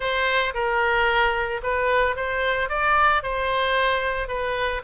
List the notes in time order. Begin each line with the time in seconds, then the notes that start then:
0.00 C5
0.54 A#4
1.62 B4
2.16 C5
2.69 D5
3.23 C5
4.28 B4